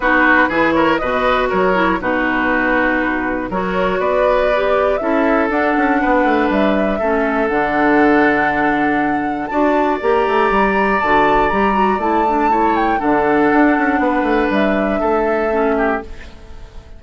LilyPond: <<
  \new Staff \with { instrumentName = "flute" } { \time 4/4 \tempo 4 = 120 b'4. cis''8 dis''4 cis''4 | b'2. cis''4 | d''2 e''4 fis''4~ | fis''4 e''2 fis''4~ |
fis''2. a''4 | ais''2 a''4 ais''4 | a''4. g''8 fis''2~ | fis''4 e''2. | }
  \new Staff \with { instrumentName = "oboe" } { \time 4/4 fis'4 gis'8 ais'8 b'4 ais'4 | fis'2. ais'4 | b'2 a'2 | b'2 a'2~ |
a'2. d''4~ | d''1~ | d''4 cis''4 a'2 | b'2 a'4. g'8 | }
  \new Staff \with { instrumentName = "clarinet" } { \time 4/4 dis'4 e'4 fis'4. e'8 | dis'2. fis'4~ | fis'4 g'4 e'4 d'4~ | d'2 cis'4 d'4~ |
d'2. fis'4 | g'2 fis'4 g'8 fis'8 | e'8 d'8 e'4 d'2~ | d'2. cis'4 | }
  \new Staff \with { instrumentName = "bassoon" } { \time 4/4 b4 e4 b,4 fis4 | b,2. fis4 | b2 cis'4 d'8 cis'8 | b8 a8 g4 a4 d4~ |
d2. d'4 | ais8 a8 g4 d4 g4 | a2 d4 d'8 cis'8 | b8 a8 g4 a2 | }
>>